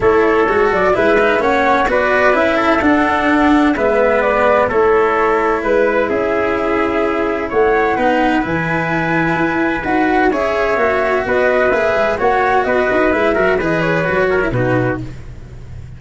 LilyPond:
<<
  \new Staff \with { instrumentName = "flute" } { \time 4/4 \tempo 4 = 128 cis''4. d''8 e''4 fis''4 | d''4 e''4 fis''2 | e''4 d''4 cis''2 | b'4 e''2. |
fis''2 gis''2~ | gis''4 fis''4 e''2 | dis''4 e''4 fis''4 dis''4 | e''4 dis''8 cis''4. b'4 | }
  \new Staff \with { instrumentName = "trumpet" } { \time 4/4 a'2 b'4 cis''4 | b'4. a'2~ a'8 | b'2 a'2 | b'4 gis'2. |
cis''4 b'2.~ | b'2 cis''2 | b'2 cis''4 b'4~ | b'8 ais'8 b'4. ais'8 fis'4 | }
  \new Staff \with { instrumentName = "cello" } { \time 4/4 e'4 fis'4 e'8 dis'8 cis'4 | fis'4 e'4 d'2 | b2 e'2~ | e'1~ |
e'4 dis'4 e'2~ | e'4 fis'4 gis'4 fis'4~ | fis'4 gis'4 fis'2 | e'8 fis'8 gis'4 fis'8. e'16 dis'4 | }
  \new Staff \with { instrumentName = "tuba" } { \time 4/4 a4 gis8 fis8 gis4 ais4 | b4 cis'4 d'2 | gis2 a2 | gis4 cis'2. |
a4 b4 e2 | e'4 dis'4 cis'4 ais4 | b4 ais8 gis8 ais4 b8 dis'8 | gis8 fis8 e4 fis4 b,4 | }
>>